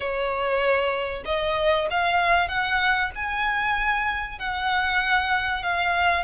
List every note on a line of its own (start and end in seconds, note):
0.00 1.23 C#5
1.25 1.88 D#5
1.90 2.48 F5
2.48 3.11 F#5
3.15 4.38 G#5
4.38 5.62 F#5
5.62 6.24 F5